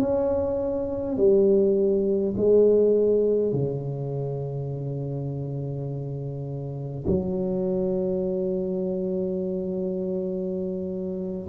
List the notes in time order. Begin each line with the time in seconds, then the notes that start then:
0.00 C#4
1.18 G3
2.37 G#3
3.53 C#3
7.07 F#3